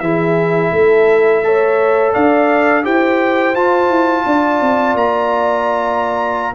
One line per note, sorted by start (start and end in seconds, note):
0.00 0.71 E3
0.00 1.44 E4
0.00 0.73 G#4
0.00 2.12 E5
0.72 2.13 A3
0.72 1.43 A4
1.44 2.83 A4
1.44 2.13 C#5
2.13 2.86 D4
2.13 2.84 D5
2.13 2.84 F5
2.83 3.55 E4
2.83 3.54 G4
2.83 4.25 C5
2.83 3.55 G5
3.54 6.54 F4
3.54 3.89 F4
3.54 4.96 A5
3.89 4.24 E4
4.26 4.61 D4
4.26 6.54 D5
4.61 4.94 C4
4.94 6.53 A#3
4.94 6.54 A#5